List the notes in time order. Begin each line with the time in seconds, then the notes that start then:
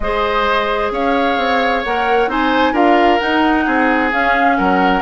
0.00 G#3 G#4 C5 D#5
0.91 C#4 C#5 F5
1.37 C4
1.83 A#3 A#4 F#5
2.27 C4 D#4 C5 G#5
2.72 D4 F4 A#4 F5
3.19 D#4 F#5
3.66 C4 G#4
4.11 C#4 F5
4.57 F#3 A#4 F#5